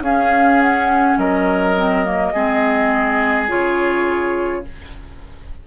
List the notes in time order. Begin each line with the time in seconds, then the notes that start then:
0.00 C#4 G#4 F5
0.60 F#5
1.17 F#3 A#4 D#5
1.77 C4
2.04 A#3
2.33 G#3 C4 G#4
3.48 C#3 F4 C#5